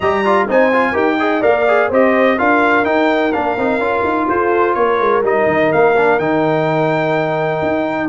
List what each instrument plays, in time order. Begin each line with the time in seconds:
0.00 tuba G3, trombone G4, horn D#5, trumpet A#5
0.24 trombone F4, horn D5
0.48 tuba C4, trombone D#4, horn C5, trumpet G#5
0.73 trombone F4
0.91 tuba D#4, trombone G4, horn A#4, trumpet G5
1.19 trombone G#4, horn D#5
1.41 tuba A#3, trombone A#4, horn D5, trumpet F5
1.68 trombone G#4
1.88 tuba C4, trombone G4, horn C5, trumpet D#5
2.38 tuba D4, trombone F4, horn A#4, trumpet F5
2.84 trombone D#4, tuba D#4, trumpet G5
3.32 tuba A#3, trombone D4, trumpet F5
3.56 tuba C4, trombone D#4
3.78 tuba C#4, trombone F4
4.04 tuba D#4
4.29 tuba F4, horn A4, trumpet C5
4.74 tuba A#3, horn A#4, trumpet C#5
5.00 tuba G#3
5.22 tuba G3, trombone D#4, trumpet D#5
5.47 tuba D#3
5.72 tuba A#3, trumpet F5
5.96 trombone D4
6.18 tuba D#3, trombone D#4, trumpet G5
7.62 tuba D#4